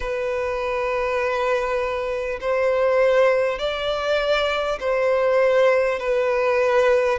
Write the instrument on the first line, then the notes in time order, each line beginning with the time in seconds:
violin
0.00 B4
2.41 C5
3.58 D5
4.79 C5
5.99 B4